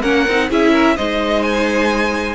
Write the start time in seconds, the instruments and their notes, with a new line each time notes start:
0.00 cello A#3, viola C#4, violin A#4 F#5
0.27 cello C4, viola D#4
0.49 cello C#4, viola E4, violin G#4 E5
0.71 violin A#4
0.96 cello G#3, viola D#4, violin C5 D#5
1.42 violin G#5